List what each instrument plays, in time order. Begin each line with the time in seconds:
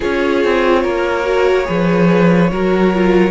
0.00 cello C#4, viola F4, violin G#4 C#5
0.44 cello C4
0.82 cello A#3, violin A#4
1.23 viola F#4
1.64 cello F3, viola G#4, violin B4
2.51 cello F#3, viola F#4, violin A#4
2.94 viola F4